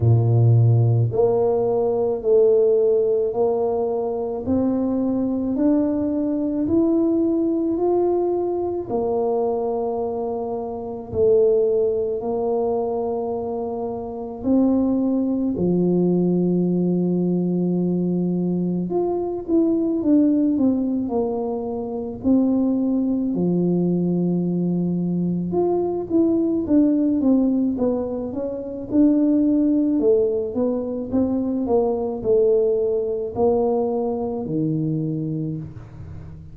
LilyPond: \new Staff \with { instrumentName = "tuba" } { \time 4/4 \tempo 4 = 54 ais,4 ais4 a4 ais4 | c'4 d'4 e'4 f'4 | ais2 a4 ais4~ | ais4 c'4 f2~ |
f4 f'8 e'8 d'8 c'8 ais4 | c'4 f2 f'8 e'8 | d'8 c'8 b8 cis'8 d'4 a8 b8 | c'8 ais8 a4 ais4 dis4 | }